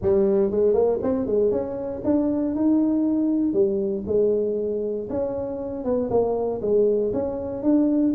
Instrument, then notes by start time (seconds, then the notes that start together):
tuba
0.01 G3
0.50 G#3
0.73 A#3
1.02 C4
1.26 G#3
1.51 C#4
2.04 D4
2.55 D#4
3.53 G3
4.07 G#3
5.09 C#4
5.84 B3
6.09 A#3
6.61 G#3
7.13 C#4
7.62 D4